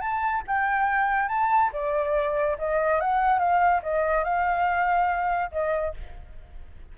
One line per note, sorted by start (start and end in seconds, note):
0.00 0.42 A5
0.47 1.28 G5
1.28 1.70 A5
1.72 2.57 D5
2.58 3.00 D#5
3.00 3.39 F#5
3.39 3.81 F5
3.82 4.24 D#5
4.24 5.51 F5
5.51 5.94 D#5